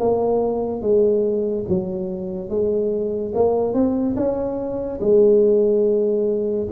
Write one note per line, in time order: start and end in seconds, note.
0.00 0.82 A#3
0.82 1.66 G#3
1.69 2.50 F#3
2.50 3.33 G#3
3.35 3.74 A#3
3.74 4.16 C4
4.17 5.00 C#4
5.01 6.67 G#3